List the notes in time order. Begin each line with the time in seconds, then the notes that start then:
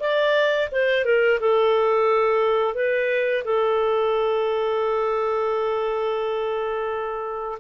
0.00 D5
0.72 C5
1.05 A#4
1.40 A4
2.75 B4
3.45 A4